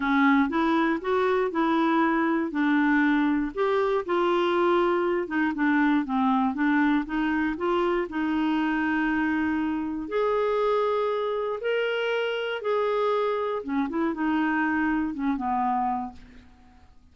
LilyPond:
\new Staff \with { instrumentName = "clarinet" } { \time 4/4 \tempo 4 = 119 cis'4 e'4 fis'4 e'4~ | e'4 d'2 g'4 | f'2~ f'8 dis'8 d'4 | c'4 d'4 dis'4 f'4 |
dis'1 | gis'2. ais'4~ | ais'4 gis'2 cis'8 e'8 | dis'2 cis'8 b4. | }